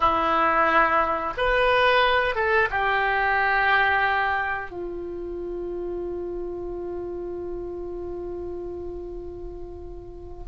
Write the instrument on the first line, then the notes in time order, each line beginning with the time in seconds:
oboe
0.00 E4
1.37 B4
2.35 A4
2.70 G4
4.70 F4